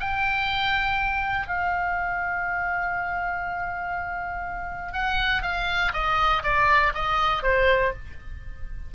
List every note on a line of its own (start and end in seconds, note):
0.00 1.48 G5
1.48 4.93 F5
4.93 5.42 F#5
5.42 5.92 F5
5.93 6.43 D#5
6.43 6.93 D5
6.94 7.43 D#5
7.43 7.92 C5